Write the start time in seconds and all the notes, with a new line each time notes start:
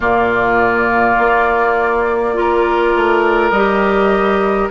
0.00 A#2 A#3 F4 D5
1.18 A#3
2.34 F4 A#4
2.95 A3
3.50 G3 G4 D#5